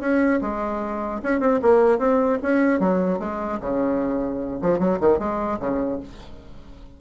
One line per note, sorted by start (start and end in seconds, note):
0.00 0.40 C#4
0.41 1.21 G#3
1.23 1.40 C#4
1.40 1.60 C4
1.62 1.98 A#3
1.98 2.38 C4
2.42 2.79 C#4
2.79 3.19 F#3
3.19 3.59 G#3
3.60 4.60 C#3
4.62 4.79 F3
4.79 4.99 F#3
5.00 5.19 D#3
5.19 5.59 G#3
5.60 6.00 C#3